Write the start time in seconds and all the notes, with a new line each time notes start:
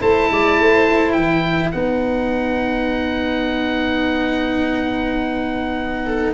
0.00 A3 E4 C5 A5
0.31 G#3 D5
0.59 A3 C5
1.13 E3 B4 G5
1.72 B3 D#4 F#5
6.06 A4